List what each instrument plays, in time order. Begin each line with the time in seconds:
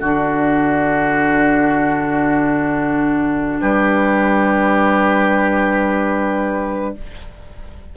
0.00 bassoon D3, clarinet D4, oboe F#4, flute D5
3.60 bassoon G3, oboe G4, flute B4